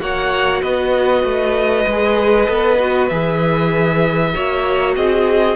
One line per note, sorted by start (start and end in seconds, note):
0.00 0.62 A#3
0.00 1.86 F#4
0.00 0.62 C#5
0.00 0.62 F#5
0.62 1.24 B3
0.62 4.33 B4
0.62 3.09 D#5
1.24 1.86 A3
1.87 2.49 G#3
1.87 2.47 G#4
2.47 3.11 B3
2.47 2.78 A4
2.80 3.11 F#4
3.09 4.35 E3
3.09 4.34 G#4
3.09 4.94 E5
4.34 4.97 A#3
4.34 5.56 F#4
4.34 4.96 C#5
4.96 5.56 C4
4.96 5.56 G#4
4.96 5.56 D#5